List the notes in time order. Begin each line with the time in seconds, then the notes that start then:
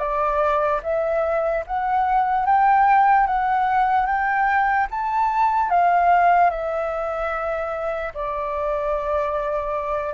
0.00 D5
0.83 E5
1.67 F#5
2.46 G5
3.27 F#5
4.07 G5
4.91 A5
5.70 F5
6.51 E5
8.15 D5